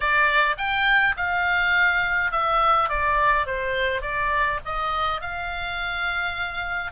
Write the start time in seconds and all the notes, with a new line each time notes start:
0.00 D5
0.57 G5
1.17 F5
2.31 E5
2.89 D5
3.46 C5
4.01 D5
4.65 D#5
5.21 F5